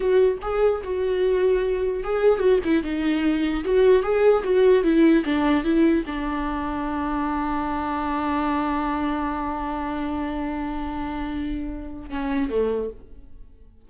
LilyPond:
\new Staff \with { instrumentName = "viola" } { \time 4/4 \tempo 4 = 149 fis'4 gis'4 fis'2~ | fis'4 gis'4 fis'8 e'8 dis'4~ | dis'4 fis'4 gis'4 fis'4 | e'4 d'4 e'4 d'4~ |
d'1~ | d'1~ | d'1~ | d'2 cis'4 a4 | }